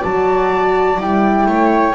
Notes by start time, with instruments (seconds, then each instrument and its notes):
0.00 double bass F#3, horn F#4, viola D5, flute A5
0.98 double bass G3, horn E4, flute G5
1.46 double bass A3, viola C#5